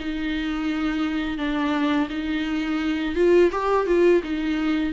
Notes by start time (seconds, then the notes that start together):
0.00 D#4
1.38 D4
2.10 D#4
3.16 F4
3.52 G4
3.87 F4
4.24 D#4